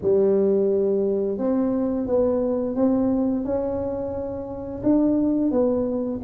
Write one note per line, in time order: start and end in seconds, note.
0.01 1.38 G3
1.38 2.06 C4
2.06 2.75 B3
2.75 3.44 C4
3.44 4.82 C#4
4.83 5.51 D4
5.51 6.20 B3